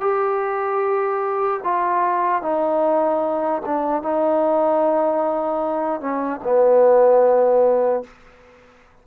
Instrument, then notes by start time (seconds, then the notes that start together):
trombone
0.00 G4
1.63 F4
2.42 D#4
3.65 D4
4.02 D#4
6.00 C#4
6.43 B3